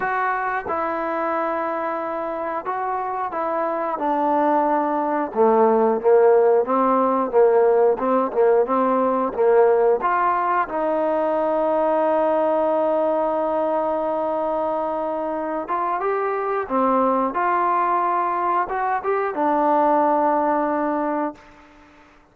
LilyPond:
\new Staff \with { instrumentName = "trombone" } { \time 4/4 \tempo 4 = 90 fis'4 e'2. | fis'4 e'4 d'2 | a4 ais4 c'4 ais4 | c'8 ais8 c'4 ais4 f'4 |
dis'1~ | dis'2.~ dis'8 f'8 | g'4 c'4 f'2 | fis'8 g'8 d'2. | }